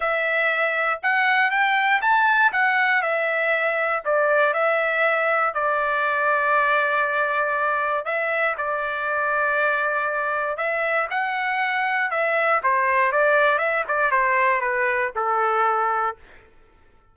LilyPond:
\new Staff \with { instrumentName = "trumpet" } { \time 4/4 \tempo 4 = 119 e''2 fis''4 g''4 | a''4 fis''4 e''2 | d''4 e''2 d''4~ | d''1 |
e''4 d''2.~ | d''4 e''4 fis''2 | e''4 c''4 d''4 e''8 d''8 | c''4 b'4 a'2 | }